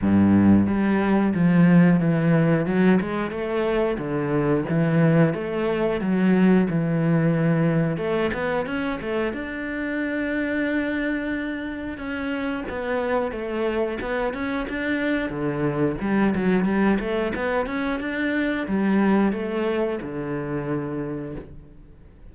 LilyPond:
\new Staff \with { instrumentName = "cello" } { \time 4/4 \tempo 4 = 90 g,4 g4 f4 e4 | fis8 gis8 a4 d4 e4 | a4 fis4 e2 | a8 b8 cis'8 a8 d'2~ |
d'2 cis'4 b4 | a4 b8 cis'8 d'4 d4 | g8 fis8 g8 a8 b8 cis'8 d'4 | g4 a4 d2 | }